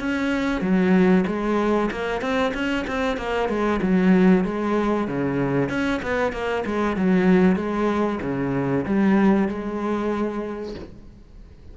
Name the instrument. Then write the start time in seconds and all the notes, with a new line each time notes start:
cello
0.00 C#4
0.62 F#3
1.27 G#3
1.92 A#3
2.22 C4
2.55 C#4
2.88 C4
3.18 A#3
3.49 G#3
3.82 F#3
4.45 G#3
5.08 C#3
5.70 C#4
6.03 B3
6.33 A#3
6.66 G#3
6.97 F#3
7.56 G#3
8.22 C#3
8.86 G3
9.49 G#3